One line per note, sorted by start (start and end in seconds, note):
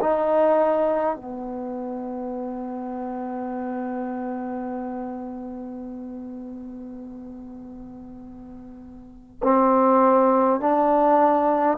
0.00 1.16 D#4
1.16 9.39 B3
9.43 10.60 C4
10.60 11.78 D4